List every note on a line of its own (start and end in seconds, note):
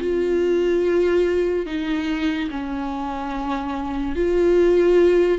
0.00 1.66 F4
1.66 2.50 D#4
2.51 4.16 C#4
4.16 5.39 F4